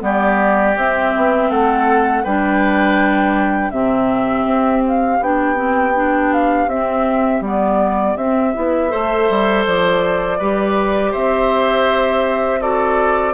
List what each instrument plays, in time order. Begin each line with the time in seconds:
0.00 bassoon G3, clarinet B3, oboe G4, flute D5
0.76 bassoon C4, clarinet C4, flute E5
1.16 bassoon B3
1.49 bassoon A3, oboe A4, flute F#5
2.24 bassoon G3, clarinet D4, oboe B4, flute G5
3.70 bassoon C3, clarinet C4, oboe G4, flute E5
4.45 bassoon C4
4.88 flute F5
5.20 bassoon B3, clarinet D4, flute G5
5.55 clarinet C4
5.95 clarinet D4
6.33 flute F5
6.66 bassoon C4, clarinet C4, flute E5
7.40 bassoon G3, clarinet B3, flute D5
8.16 bassoon C4, clarinet C4, flute E5
8.54 bassoon B3, clarinet E4
8.89 bassoon A3, clarinet A4, oboe C5
9.29 bassoon G3
9.66 bassoon F3, flute D5
10.38 bassoon G3, clarinet G4, oboe B4
11.11 bassoon C4, oboe C5, flute E5
12.60 clarinet F#4, oboe A4, flute D5